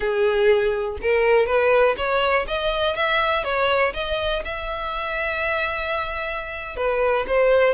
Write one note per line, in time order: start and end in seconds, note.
0.00 0.97 G#4
1.01 1.46 A#4
1.46 1.95 B4
1.97 2.46 C#5
2.47 2.96 D#5
2.96 3.43 E5
3.43 3.93 C#5
3.93 4.43 D#5
4.44 6.76 E5
6.76 7.25 B4
7.27 7.74 C5